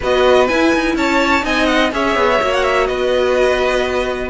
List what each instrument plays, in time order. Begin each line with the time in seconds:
0.00 cello B3, viola F#4, violin B4 D#5
0.47 viola E4, cello E4, violin G#5
0.73 cello D#4
0.95 cello C#4, violin C#5 A5
1.42 cello C4, viola D#4, violin D#5 G#5
1.65 violin F#5
1.92 cello C#4, viola G#4, violin C#5 E5
2.15 cello B3
2.40 cello A#3, viola F#4
2.53 violin F#5
2.63 violin E5
2.86 cello B3, violin B4 D#5